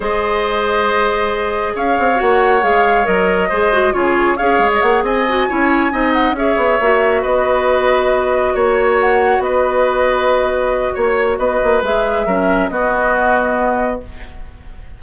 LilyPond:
<<
  \new Staff \with { instrumentName = "flute" } { \time 4/4 \tempo 4 = 137 dis''1 | f''4 fis''4 f''4 dis''4~ | dis''4 cis''4 f''8. dis''16 fis''8 gis''8~ | gis''2 fis''8 e''4.~ |
e''8 dis''2. cis''8~ | cis''8 fis''4 dis''2~ dis''8~ | dis''4 cis''4 dis''4 e''4~ | e''4 dis''2. | }
  \new Staff \with { instrumentName = "oboe" } { \time 4/4 c''1 | cis''1 | c''4 gis'4 cis''4. dis''8~ | dis''8 cis''4 dis''4 cis''4.~ |
cis''8 b'2. cis''8~ | cis''4. b'2~ b'8~ | b'4 cis''4 b'2 | ais'4 fis'2. | }
  \new Staff \with { instrumentName = "clarinet" } { \time 4/4 gis'1~ | gis'4 fis'4 gis'4 ais'4 | gis'8 fis'8 f'4 gis'2 | fis'8 e'4 dis'4 gis'4 fis'8~ |
fis'1~ | fis'1~ | fis'2. gis'4 | cis'4 b2. | }
  \new Staff \with { instrumentName = "bassoon" } { \time 4/4 gis1 | cis'8 c'8 ais4 gis4 fis4 | gis4 cis4 cis'8 gis8 ais8 c'8~ | c'8 cis'4 c'4 cis'8 b8 ais8~ |
ais8 b2. ais8~ | ais4. b2~ b8~ | b4 ais4 b8 ais8 gis4 | fis4 b2. | }
>>